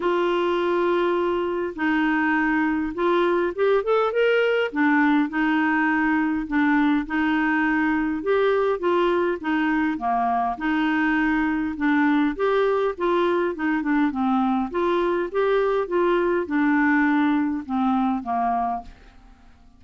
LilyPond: \new Staff \with { instrumentName = "clarinet" } { \time 4/4 \tempo 4 = 102 f'2. dis'4~ | dis'4 f'4 g'8 a'8 ais'4 | d'4 dis'2 d'4 | dis'2 g'4 f'4 |
dis'4 ais4 dis'2 | d'4 g'4 f'4 dis'8 d'8 | c'4 f'4 g'4 f'4 | d'2 c'4 ais4 | }